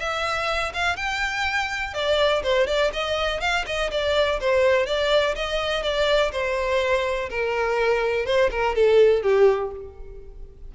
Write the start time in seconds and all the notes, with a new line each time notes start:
0.00 E5
0.74 F5
0.97 G5
1.94 D5
2.43 C5
2.67 D5
2.93 D#5
3.41 F5
3.67 D#5
3.91 D5
4.40 C5
4.87 D5
5.36 D#5
5.83 D5
6.32 C5
7.30 A#4
8.26 C5
8.51 A#4
8.76 A4
9.23 G4